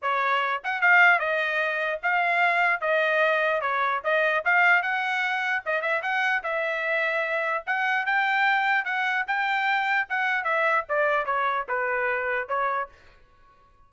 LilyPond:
\new Staff \with { instrumentName = "trumpet" } { \time 4/4 \tempo 4 = 149 cis''4. fis''8 f''4 dis''4~ | dis''4 f''2 dis''4~ | dis''4 cis''4 dis''4 f''4 | fis''2 dis''8 e''8 fis''4 |
e''2. fis''4 | g''2 fis''4 g''4~ | g''4 fis''4 e''4 d''4 | cis''4 b'2 cis''4 | }